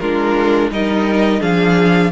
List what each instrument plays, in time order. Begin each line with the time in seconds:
0.00 cello G#3, viola D4, violin F4 A#4
0.71 cello G3, viola D#4, violin A#4 D#5
1.41 cello F3, viola D4, violin G#4 F5